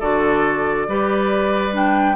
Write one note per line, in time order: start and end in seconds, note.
0.00 0.88 D3
0.00 0.89 F#4
0.00 0.87 A4
0.00 1.74 D5
0.88 2.16 G3
0.88 1.72 G4
0.88 2.16 B4
1.72 2.15 D4
1.72 2.16 G5